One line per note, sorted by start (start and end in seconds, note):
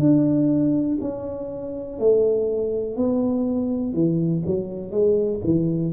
0.00 0.98 D4
1.01 1.99 C#4
1.99 2.96 A3
2.96 3.94 B3
3.94 4.43 E3
4.46 4.91 F#3
4.91 5.41 G#3
5.44 5.93 E3